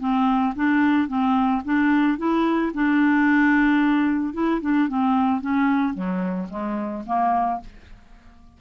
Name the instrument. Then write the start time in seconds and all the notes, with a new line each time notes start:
clarinet
0.00 C4
0.56 D4
1.08 C4
1.65 D4
2.18 E4
2.74 D4
4.34 E4
4.62 D4
4.89 C4
5.41 C#4
5.94 F#3
6.50 G#3
7.07 A#3